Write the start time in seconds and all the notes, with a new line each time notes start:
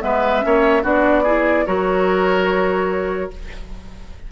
0.00 G#3 B3 B4 E5
0.41 A#3 C#4 C#5
0.83 B3 D4 F#4 D5
1.23 E4 G#4
1.66 F#3 F#4 A#4 C#5